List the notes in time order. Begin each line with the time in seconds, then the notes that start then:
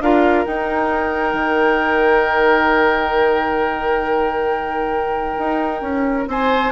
0.00 D4 F4 A#4 F5
0.44 D#4 G5
1.33 D#3
5.38 D#4
5.81 C#4
6.27 C4 C5 G#5